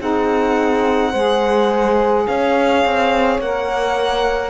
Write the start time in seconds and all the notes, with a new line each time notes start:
0.00 C4 D#4 G#4 F#5
1.11 G#3 G#4 C5
2.27 C#4 C#5 F5
2.85 C4
3.39 A#3 A#4 F#5